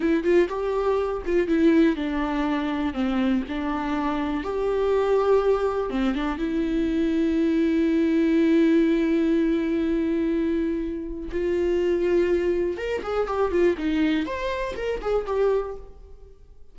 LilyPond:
\new Staff \with { instrumentName = "viola" } { \time 4/4 \tempo 4 = 122 e'8 f'8 g'4. f'8 e'4 | d'2 c'4 d'4~ | d'4 g'2. | c'8 d'8 e'2.~ |
e'1~ | e'2. f'4~ | f'2 ais'8 gis'8 g'8 f'8 | dis'4 c''4 ais'8 gis'8 g'4 | }